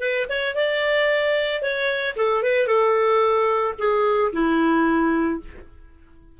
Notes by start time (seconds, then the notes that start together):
0.00 B4
0.29 C#5
0.56 D5
1.62 C#5
2.16 A4
2.43 B4
2.67 A4
3.79 G#4
4.33 E4